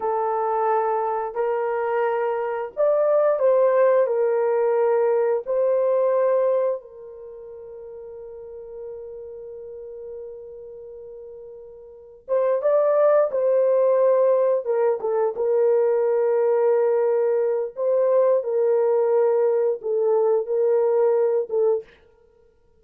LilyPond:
\new Staff \with { instrumentName = "horn" } { \time 4/4 \tempo 4 = 88 a'2 ais'2 | d''4 c''4 ais'2 | c''2 ais'2~ | ais'1~ |
ais'2 c''8 d''4 c''8~ | c''4. ais'8 a'8 ais'4.~ | ais'2 c''4 ais'4~ | ais'4 a'4 ais'4. a'8 | }